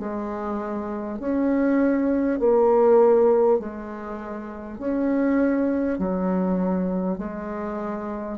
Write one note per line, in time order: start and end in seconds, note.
0.00 1.19 G#3
1.19 2.39 C#4
2.39 3.59 A#3
3.59 4.79 G#3
4.79 5.99 C#4
5.99 7.19 F#3
7.19 8.38 G#3